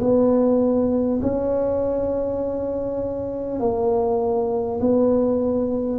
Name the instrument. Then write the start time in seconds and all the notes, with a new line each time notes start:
tuba
0.00 B3
1.21 C#4
3.59 A#3
4.81 B3